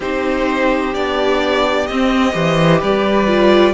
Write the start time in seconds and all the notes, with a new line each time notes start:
0.00 C4 D#4 G4 C5
0.94 B3 D4 D5
1.87 C4 D#5
2.31 E3 G4 C5
2.80 G3 B4 D5
3.27 F4